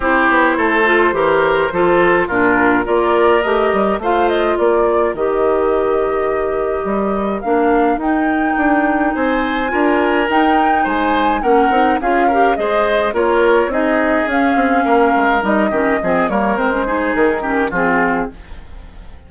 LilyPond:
<<
  \new Staff \with { instrumentName = "flute" } { \time 4/4 \tempo 4 = 105 c''1 | ais'4 d''4 dis''4 f''8 dis''8 | d''4 dis''2.~ | dis''4 f''4 g''2 |
gis''2 g''4 gis''4 | fis''4 f''4 dis''4 cis''4 | dis''4 f''2 dis''4~ | dis''8 cis''8 c''4 ais'4 gis'4 | }
  \new Staff \with { instrumentName = "oboe" } { \time 4/4 g'4 a'4 ais'4 a'4 | f'4 ais'2 c''4 | ais'1~ | ais'1 |
c''4 ais'2 c''4 | ais'4 gis'8 ais'8 c''4 ais'4 | gis'2 ais'4. g'8 | gis'8 ais'4 gis'4 g'8 f'4 | }
  \new Staff \with { instrumentName = "clarinet" } { \time 4/4 e'4. f'8 g'4 f'4 | d'4 f'4 g'4 f'4~ | f'4 g'2.~ | g'4 d'4 dis'2~ |
dis'4 f'4 dis'2 | cis'8 dis'8 f'8 g'8 gis'4 f'4 | dis'4 cis'2 dis'8 cis'8 | c'8 ais8 c'16 cis'16 dis'4 cis'8 c'4 | }
  \new Staff \with { instrumentName = "bassoon" } { \time 4/4 c'8 b8 a4 e4 f4 | ais,4 ais4 a8 g8 a4 | ais4 dis2. | g4 ais4 dis'4 d'4 |
c'4 d'4 dis'4 gis4 | ais8 c'8 cis'4 gis4 ais4 | c'4 cis'8 c'8 ais8 gis8 g8 dis8 | f8 g8 gis4 dis4 f4 | }
>>